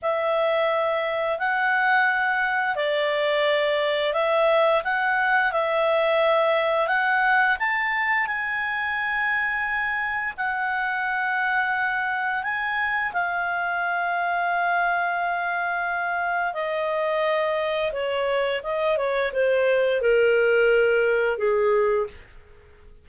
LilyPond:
\new Staff \with { instrumentName = "clarinet" } { \time 4/4 \tempo 4 = 87 e''2 fis''2 | d''2 e''4 fis''4 | e''2 fis''4 a''4 | gis''2. fis''4~ |
fis''2 gis''4 f''4~ | f''1 | dis''2 cis''4 dis''8 cis''8 | c''4 ais'2 gis'4 | }